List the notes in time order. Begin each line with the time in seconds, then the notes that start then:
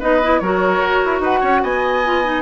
0.00 B3 D#4 B4 D#5
0.23 E4
0.40 F#3 F#4 A#4 C#5
0.80 F#4
1.05 E4
1.20 D#4 B4 F#5
1.40 C#4 C#5
1.63 B3 D#5 G#5
2.05 F4
2.24 D#4